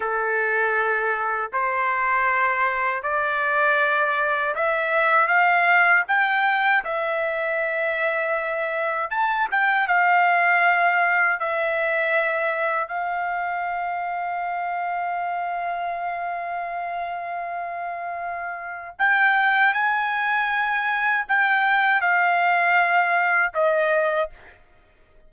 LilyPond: \new Staff \with { instrumentName = "trumpet" } { \time 4/4 \tempo 4 = 79 a'2 c''2 | d''2 e''4 f''4 | g''4 e''2. | a''8 g''8 f''2 e''4~ |
e''4 f''2.~ | f''1~ | f''4 g''4 gis''2 | g''4 f''2 dis''4 | }